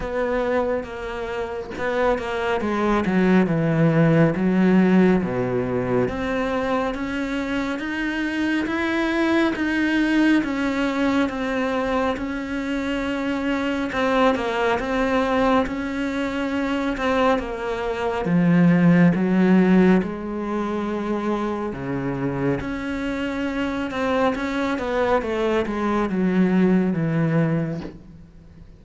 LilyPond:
\new Staff \with { instrumentName = "cello" } { \time 4/4 \tempo 4 = 69 b4 ais4 b8 ais8 gis8 fis8 | e4 fis4 b,4 c'4 | cis'4 dis'4 e'4 dis'4 | cis'4 c'4 cis'2 |
c'8 ais8 c'4 cis'4. c'8 | ais4 f4 fis4 gis4~ | gis4 cis4 cis'4. c'8 | cis'8 b8 a8 gis8 fis4 e4 | }